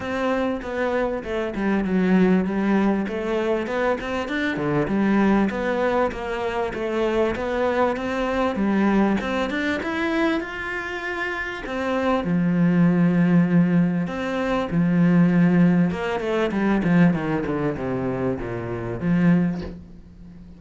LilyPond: \new Staff \with { instrumentName = "cello" } { \time 4/4 \tempo 4 = 98 c'4 b4 a8 g8 fis4 | g4 a4 b8 c'8 d'8 d8 | g4 b4 ais4 a4 | b4 c'4 g4 c'8 d'8 |
e'4 f'2 c'4 | f2. c'4 | f2 ais8 a8 g8 f8 | dis8 d8 c4 ais,4 f4 | }